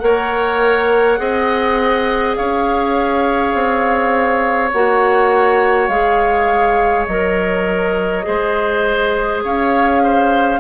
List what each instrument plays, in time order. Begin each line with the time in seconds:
0.00 bassoon A#3, clarinet A#4, oboe C#5, flute F#5
1.18 bassoon C4, clarinet G#4, oboe D#5
2.36 bassoon C#4, oboe C#5, flute F5
3.55 bassoon C4
4.72 bassoon A#3, clarinet F#4, flute F#5
5.88 bassoon G#3, clarinet G#4, flute F5
7.07 bassoon F#3, clarinet A#4, flute D#5
8.23 bassoon G#3, clarinet G#4, oboe C5
9.44 bassoon C#4, oboe C#5, flute F5
10.04 oboe C5